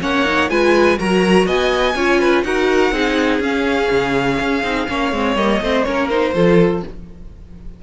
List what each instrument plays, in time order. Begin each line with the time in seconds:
0.00 cello A#3, viola C#4, violin C#5 F#5
0.25 viola D#4
0.49 cello G#3, viola F4, violin B4 G#5
0.97 cello F#3, viola F#4, violin A#4 A#5
1.46 cello B3, violin D#5 G#5
1.94 cello C#4, viola F4, violin C#5
2.19 violin B4
2.43 cello D#4, viola F#4, violin A#4 F#5
2.91 cello C4, viola D#4, violin G#4
3.39 cello C#4, viola C#4, violin F5
3.91 cello C#3
4.40 cello C#4
4.63 cello C4, viola D#4
4.87 cello A#3, viola C#4, violin C#5
5.11 cello G#3, viola C4
5.35 cello G3, viola A#3, violin D#5
5.61 cello A3, viola C4, violin C5
5.83 cello A#3, viola C#4, violin A#4 C#5
6.09 viola D#4, violin C5
6.33 cello F3, viola F4, violin A4